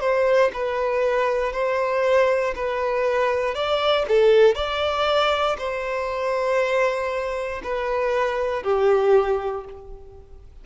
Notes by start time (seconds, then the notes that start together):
0.00 C5
0.54 B4
1.53 C5
2.56 B4
3.55 D5
4.08 A4
4.55 D5
5.58 C5
7.63 B4
8.63 G4